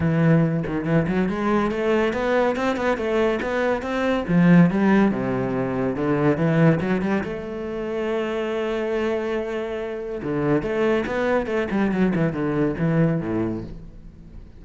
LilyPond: \new Staff \with { instrumentName = "cello" } { \time 4/4 \tempo 4 = 141 e4. dis8 e8 fis8 gis4 | a4 b4 c'8 b8 a4 | b4 c'4 f4 g4 | c2 d4 e4 |
fis8 g8 a2.~ | a1 | d4 a4 b4 a8 g8 | fis8 e8 d4 e4 a,4 | }